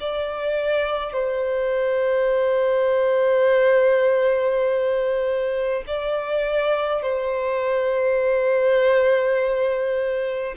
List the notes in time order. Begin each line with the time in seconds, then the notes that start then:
0.00 D5
1.13 C5
5.87 D5
7.02 C5